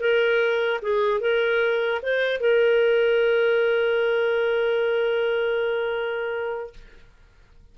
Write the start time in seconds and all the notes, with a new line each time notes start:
0.00 A#4
0.82 G#4
1.21 A#4
2.02 C5
2.41 A#4